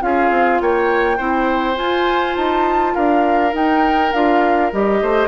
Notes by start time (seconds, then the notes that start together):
0.00 C#4 F4 G#4 F5
0.30 C4
0.60 A#3 C#5 G5
1.17 C4 E4 C5
1.75 F4 G#5
2.36 D#4 A5
2.94 D4 A#4 F5
3.52 D#4 G5
4.12 D4 F4 F5
4.72 G3 G4 D#5
5.01 A3 C5